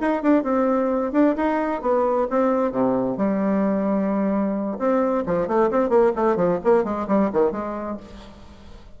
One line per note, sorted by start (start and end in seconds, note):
0.00 0.22 D#4
0.22 0.43 D4
0.43 1.12 C4
1.12 1.35 D4
1.36 1.81 D#4
1.81 2.27 B3
2.29 2.71 C4
2.71 3.17 C3
3.17 4.77 G3
4.78 5.24 C4
5.26 5.47 F3
5.47 5.70 A3
5.70 5.89 C4
5.89 6.12 A#3
6.15 6.36 A3
6.36 6.59 F3
6.64 6.84 A#3
6.84 7.07 G#3
7.07 7.30 G3
7.32 7.51 D#3
7.51 7.97 G#3